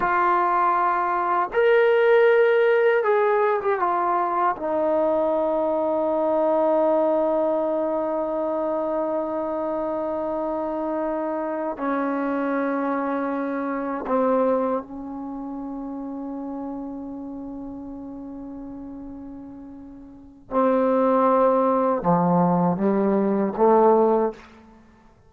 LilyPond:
\new Staff \with { instrumentName = "trombone" } { \time 4/4 \tempo 4 = 79 f'2 ais'2 | gis'8. g'16 f'4 dis'2~ | dis'1~ | dis'2.~ dis'8 cis'8~ |
cis'2~ cis'8 c'4 cis'8~ | cis'1~ | cis'2. c'4~ | c'4 f4 g4 a4 | }